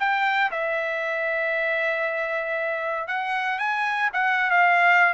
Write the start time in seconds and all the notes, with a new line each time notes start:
0.00 G5
0.52 E5
3.08 F#5
3.59 G#5
4.13 F#5
4.51 F5